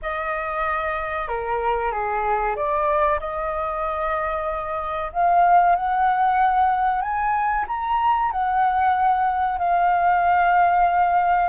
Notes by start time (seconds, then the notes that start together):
0.02 D#5
1.28 A#4
1.91 G#4
2.55 D5
3.19 D#5
5.12 F5
5.75 F#5
7.01 G#5
7.67 A#5
8.31 F#5
9.58 F5